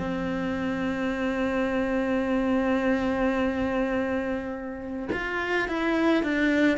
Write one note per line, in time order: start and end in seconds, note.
0.00 5.09 C4
5.13 5.69 F4
5.69 6.24 E4
6.24 6.78 D4